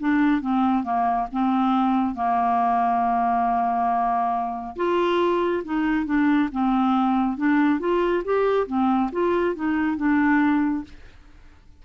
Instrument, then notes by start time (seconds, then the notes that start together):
clarinet
0.00 D4
0.42 C4
0.84 A#3
1.32 C4
2.15 A#3
4.76 F4
5.64 D#4
6.06 D4
6.52 C4
7.37 D4
7.80 F4
8.24 G4
8.67 C4
9.12 F4
9.55 D#4
9.97 D4